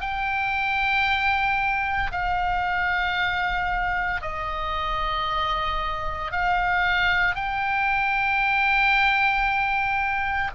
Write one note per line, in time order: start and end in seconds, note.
0.00 2.11 G5
2.11 4.22 F5
4.22 6.32 D#5
6.32 7.35 F5
7.35 10.51 G5